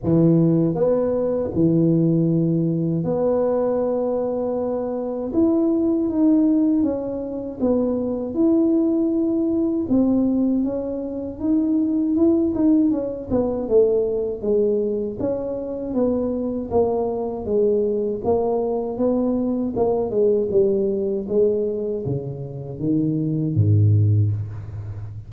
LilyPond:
\new Staff \with { instrumentName = "tuba" } { \time 4/4 \tempo 4 = 79 e4 b4 e2 | b2. e'4 | dis'4 cis'4 b4 e'4~ | e'4 c'4 cis'4 dis'4 |
e'8 dis'8 cis'8 b8 a4 gis4 | cis'4 b4 ais4 gis4 | ais4 b4 ais8 gis8 g4 | gis4 cis4 dis4 gis,4 | }